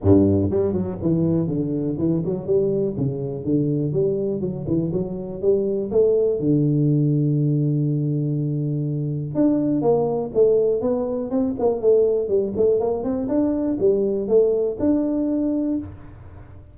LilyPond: \new Staff \with { instrumentName = "tuba" } { \time 4/4 \tempo 4 = 122 g,4 g8 fis8 e4 d4 | e8 fis8 g4 cis4 d4 | g4 fis8 e8 fis4 g4 | a4 d2.~ |
d2. d'4 | ais4 a4 b4 c'8 ais8 | a4 g8 a8 ais8 c'8 d'4 | g4 a4 d'2 | }